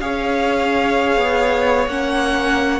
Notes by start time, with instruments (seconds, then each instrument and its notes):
0.00 cello C#4, viola G#4, violin C#5 F5
1.17 cello B3
1.87 cello A#3, viola C#4, violin F#5